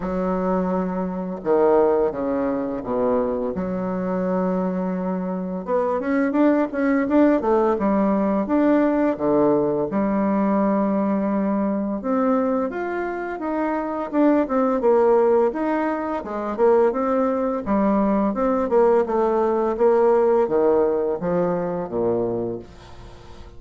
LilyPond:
\new Staff \with { instrumentName = "bassoon" } { \time 4/4 \tempo 4 = 85 fis2 dis4 cis4 | b,4 fis2. | b8 cis'8 d'8 cis'8 d'8 a8 g4 | d'4 d4 g2~ |
g4 c'4 f'4 dis'4 | d'8 c'8 ais4 dis'4 gis8 ais8 | c'4 g4 c'8 ais8 a4 | ais4 dis4 f4 ais,4 | }